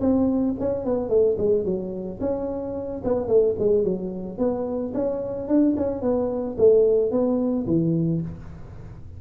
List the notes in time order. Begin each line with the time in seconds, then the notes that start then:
0.00 C4
0.59 C#4
0.85 B3
1.09 A3
1.38 G#3
1.65 F#3
2.20 C#4
3.04 B3
3.27 A3
3.58 G#3
3.84 F#3
4.38 B3
4.94 C#4
5.48 D4
5.76 C#4
6.01 B3
6.58 A3
7.11 B3
7.66 E3